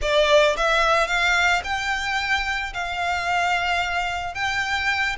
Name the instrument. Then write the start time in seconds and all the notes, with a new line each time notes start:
violin
0.01 D5
0.56 E5
1.07 F5
1.64 G5
2.73 F5
4.34 G5